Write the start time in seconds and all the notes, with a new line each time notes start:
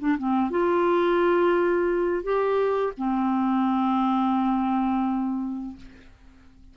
0.00 D4
0.18 C4
0.50 F4
2.23 G4
2.97 C4